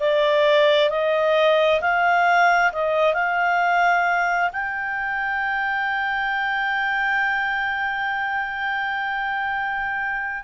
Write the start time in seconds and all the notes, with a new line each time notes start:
0.00 D5
0.90 D#5
1.81 F5
2.73 D#5
3.14 F5
4.52 G5